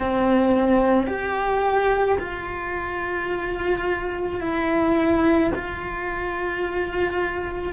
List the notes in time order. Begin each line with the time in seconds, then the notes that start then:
0.00 C4
1.08 G4
2.19 F4
4.41 E4
5.56 F4